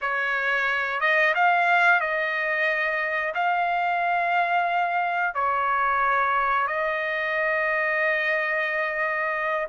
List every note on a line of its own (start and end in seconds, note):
0.01 1.00 C#5
1.00 1.33 D#5
1.35 2.00 F5
2.00 3.33 D#5
3.34 5.34 F5
5.34 6.67 C#5
6.67 9.67 D#5